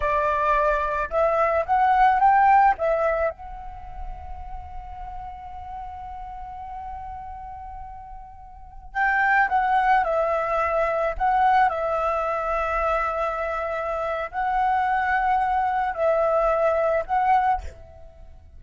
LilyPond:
\new Staff \with { instrumentName = "flute" } { \time 4/4 \tempo 4 = 109 d''2 e''4 fis''4 | g''4 e''4 fis''2~ | fis''1~ | fis''1~ |
fis''16 g''4 fis''4 e''4.~ e''16~ | e''16 fis''4 e''2~ e''8.~ | e''2 fis''2~ | fis''4 e''2 fis''4 | }